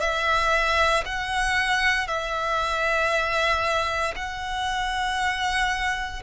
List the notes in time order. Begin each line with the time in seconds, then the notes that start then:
0.00 E5
1.05 F#5
2.07 E5
4.16 F#5